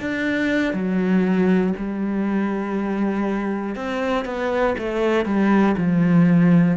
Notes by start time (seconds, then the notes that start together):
0.00 D4
0.74 F#3
1.77 G3
3.75 C4
4.25 B3
4.78 A3
5.25 G3
5.77 F3